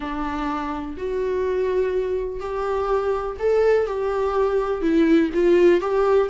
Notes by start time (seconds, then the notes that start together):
0.00 D4
0.97 F#4
2.40 G4
3.39 A4
3.86 G4
4.81 E4
5.34 F4
5.81 G4